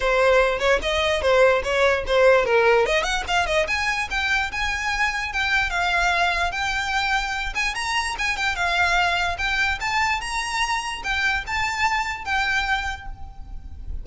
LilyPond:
\new Staff \with { instrumentName = "violin" } { \time 4/4 \tempo 4 = 147 c''4. cis''8 dis''4 c''4 | cis''4 c''4 ais'4 dis''8 fis''8 | f''8 dis''8 gis''4 g''4 gis''4~ | gis''4 g''4 f''2 |
g''2~ g''8 gis''8 ais''4 | gis''8 g''8 f''2 g''4 | a''4 ais''2 g''4 | a''2 g''2 | }